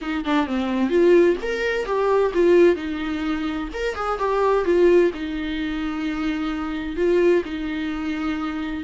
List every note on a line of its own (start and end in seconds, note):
0.01 0.24 D#4
0.24 0.46 D4
0.46 0.89 C4
0.89 1.36 F4
1.41 1.85 A#4
1.85 2.32 G4
2.34 2.75 F4
2.75 3.68 D#4
3.73 3.95 A#4
3.95 4.18 G#4
4.18 4.64 G4
4.64 5.11 F4
5.14 6.96 D#4
6.96 7.42 F4
7.44 8.84 D#4